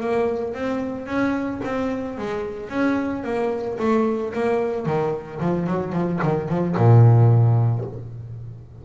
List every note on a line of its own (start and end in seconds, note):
0.00 0.54 A#3
0.54 1.06 C4
1.06 1.60 C#4
1.65 2.18 C4
2.18 2.70 G#3
2.70 3.24 C#4
3.24 3.78 A#3
3.79 4.33 A3
4.33 4.86 A#3
4.86 5.40 D#3
5.40 5.67 F3
5.67 5.93 F#3
5.93 6.20 F3
6.23 6.49 D#3
6.49 6.76 F3
6.77 7.85 A#2